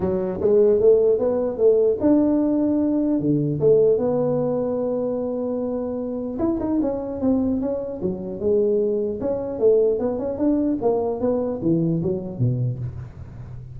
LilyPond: \new Staff \with { instrumentName = "tuba" } { \time 4/4 \tempo 4 = 150 fis4 gis4 a4 b4 | a4 d'2. | d4 a4 b2~ | b1 |
e'8 dis'8 cis'4 c'4 cis'4 | fis4 gis2 cis'4 | a4 b8 cis'8 d'4 ais4 | b4 e4 fis4 b,4 | }